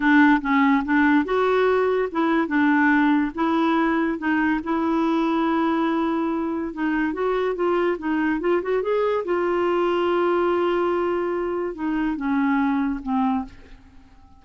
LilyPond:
\new Staff \with { instrumentName = "clarinet" } { \time 4/4 \tempo 4 = 143 d'4 cis'4 d'4 fis'4~ | fis'4 e'4 d'2 | e'2 dis'4 e'4~ | e'1 |
dis'4 fis'4 f'4 dis'4 | f'8 fis'8 gis'4 f'2~ | f'1 | dis'4 cis'2 c'4 | }